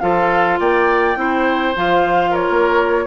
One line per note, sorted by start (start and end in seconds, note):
0.00 0.60 F3
0.00 1.16 F4
0.00 0.60 A4
0.00 0.58 F5
0.60 1.16 A#3
0.60 1.18 D5
0.60 1.77 G5
1.16 1.75 C4
1.16 1.74 E4
1.16 2.31 C5
1.76 2.49 F3
1.76 3.07 F4
1.76 2.35 F5
2.31 3.04 A#4
2.31 3.07 C#5
2.50 3.07 A#3